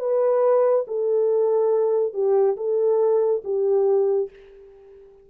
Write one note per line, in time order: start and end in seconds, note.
0.00 0.86 B4
0.88 2.14 A4
2.14 2.56 G4
2.57 3.43 A4
3.44 4.30 G4